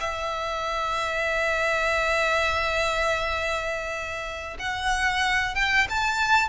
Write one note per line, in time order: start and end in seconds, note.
0.00 4.57 E5
4.59 5.55 F#5
5.55 5.87 G5
5.89 6.48 A5